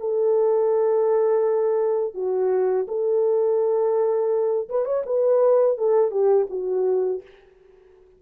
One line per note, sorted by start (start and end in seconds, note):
0.00 2.15 A4
2.15 2.87 F#4
2.88 4.69 A4
4.69 4.85 B4
4.85 5.03 C#5
5.06 5.78 B4
5.78 6.11 A4
6.11 6.47 G4
6.50 7.22 F#4